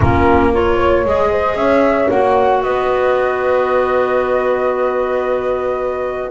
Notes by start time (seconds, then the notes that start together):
0.00 A#3 C#4 F4 A#4
0.53 F4 A#4 C#5
0.76 C#5
1.05 G#3 G#4 D#5
1.31 C5
1.55 C#4 C#5 E5
2.10 A#3 F#4 F#5
2.62 B3 B4 D#5